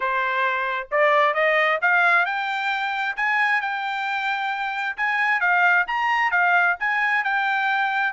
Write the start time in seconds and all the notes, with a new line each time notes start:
0.00 C5
0.91 D5
1.33 D#5
1.81 F5
2.25 G5
3.16 G#5
3.61 G5
4.96 G#5
5.40 F5
5.87 A#5
6.31 F5
6.79 G#5
7.24 G5